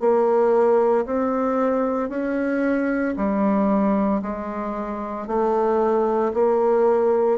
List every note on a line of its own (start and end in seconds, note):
0.00 1.05 A#3
1.06 2.09 C4
2.09 3.14 C#4
3.16 4.22 G3
4.22 5.27 G#3
5.27 6.33 A3
6.33 7.38 A#3